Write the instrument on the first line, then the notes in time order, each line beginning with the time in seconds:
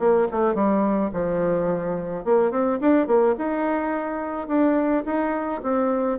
bassoon
0.00 A#3
0.32 A3
0.55 G3
1.13 F3
2.25 A#3
2.52 C4
2.81 D4
3.07 A#3
3.38 D#4
4.48 D4
5.06 D#4
5.64 C4